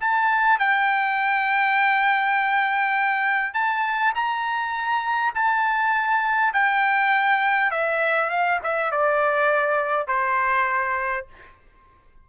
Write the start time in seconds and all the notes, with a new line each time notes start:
0.00 A5
0.59 G5
3.54 A5
4.15 A#5
5.35 A5
6.53 G5
7.71 E5
8.30 F5
8.64 E5
8.92 D5
10.08 C5